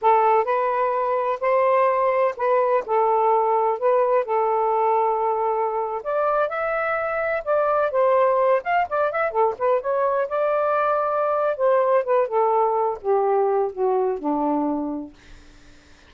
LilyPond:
\new Staff \with { instrumentName = "saxophone" } { \time 4/4 \tempo 4 = 127 a'4 b'2 c''4~ | c''4 b'4 a'2 | b'4 a'2.~ | a'8. d''4 e''2 d''16~ |
d''8. c''4. f''8 d''8 e''8 a'16~ | a'16 b'8 cis''4 d''2~ d''16~ | d''8 c''4 b'8 a'4. g'8~ | g'4 fis'4 d'2 | }